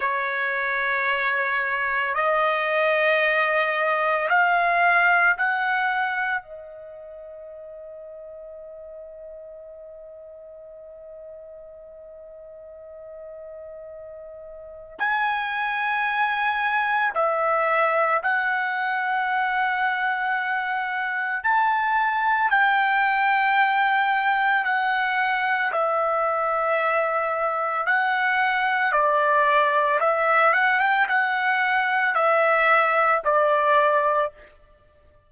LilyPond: \new Staff \with { instrumentName = "trumpet" } { \time 4/4 \tempo 4 = 56 cis''2 dis''2 | f''4 fis''4 dis''2~ | dis''1~ | dis''2 gis''2 |
e''4 fis''2. | a''4 g''2 fis''4 | e''2 fis''4 d''4 | e''8 fis''16 g''16 fis''4 e''4 d''4 | }